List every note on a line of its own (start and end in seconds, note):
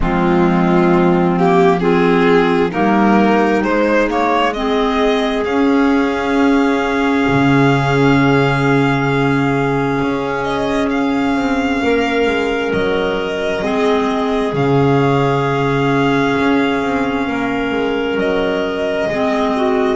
0.00 2.73 F3
0.00 1.34 G#3
0.00 1.80 C4
0.00 1.38 F4
1.37 1.80 A#3
1.37 1.80 G4
1.80 2.71 C4
1.80 2.70 F4
1.80 2.70 G#4
2.70 3.63 G3
2.70 3.62 A#3
2.70 4.52 D#4
2.70 3.62 A#4
3.63 5.44 G#3
3.63 4.09 G#3
3.63 4.08 C5
4.09 4.54 A#3
4.09 4.53 C#5
4.53 5.45 C4
4.53 11.83 G#4
4.53 5.44 D#5
5.44 7.26 C#4
5.44 13.62 C#4
5.44 10.43 F5
7.27 10.00 C#3
10.01 11.35 C#4
10.43 10.89 D#5
10.90 12.72 F5
11.35 11.81 C4
11.83 12.26 A#3
11.83 13.63 A#4
12.26 12.71 G#3
12.72 13.62 F#3
12.72 14.54 D#5
13.62 14.53 G#3
13.62 14.53 C4
13.62 17.27 G#4
14.53 16.35 C#3
14.53 19.11 C#4
14.53 18.19 F5
16.39 16.82 C#4
16.82 17.27 C4
17.27 17.71 A#3
17.27 19.09 A#4
17.71 18.15 G#3
18.15 19.06 F#3
18.15 19.96 D#5
19.08 19.96 G#3
19.08 19.96 C4
19.08 19.55 G#4
19.55 19.96 F#4